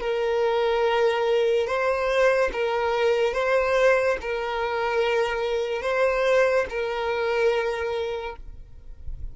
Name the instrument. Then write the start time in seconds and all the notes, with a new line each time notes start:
violin
0.00 A#4
1.67 C5
2.53 A#4
3.33 C5
4.21 A#4
5.82 C5
6.69 A#4